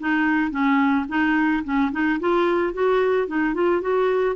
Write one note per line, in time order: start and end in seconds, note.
0.00 0.51 D#4
0.51 1.06 C#4
1.09 1.63 D#4
1.64 1.91 C#4
1.92 2.19 D#4
2.20 2.73 F4
2.73 3.27 F#4
3.27 3.54 D#4
3.54 3.82 F4
3.82 4.36 F#4